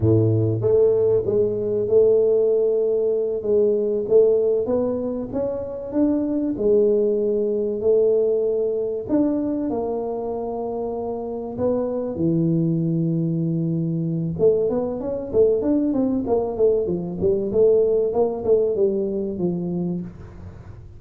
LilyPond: \new Staff \with { instrumentName = "tuba" } { \time 4/4 \tempo 4 = 96 a,4 a4 gis4 a4~ | a4. gis4 a4 b8~ | b8 cis'4 d'4 gis4.~ | gis8 a2 d'4 ais8~ |
ais2~ ais8 b4 e8~ | e2. a8 b8 | cis'8 a8 d'8 c'8 ais8 a8 f8 g8 | a4 ais8 a8 g4 f4 | }